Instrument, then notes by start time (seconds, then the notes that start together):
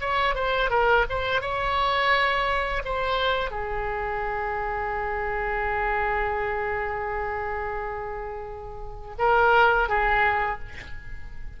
oboe
0.00 C#5
0.35 C5
0.70 A#4
1.09 C5
1.41 C#5
2.84 C5
3.50 G#4
9.18 A#4
9.88 G#4